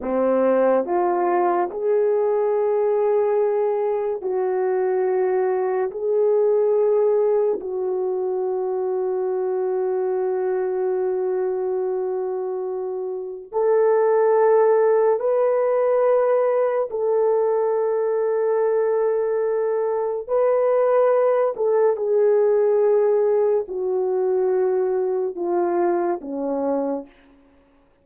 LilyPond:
\new Staff \with { instrumentName = "horn" } { \time 4/4 \tempo 4 = 71 c'4 f'4 gis'2~ | gis'4 fis'2 gis'4~ | gis'4 fis'2.~ | fis'1 |
a'2 b'2 | a'1 | b'4. a'8 gis'2 | fis'2 f'4 cis'4 | }